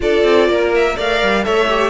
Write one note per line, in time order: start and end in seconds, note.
0.00 0.24 D4
0.00 0.95 F4
0.00 0.48 A4
0.00 0.74 D5
0.24 0.48 C4
0.48 0.96 A#3
0.48 0.95 A#4
0.74 0.98 E5
0.95 1.22 A3
0.95 1.44 A#4
0.95 1.44 D5
0.95 1.44 F5
1.22 1.46 G3
1.44 1.90 A3
1.44 1.68 A4
1.44 1.90 C#5
1.44 1.90 E5
1.69 1.90 G4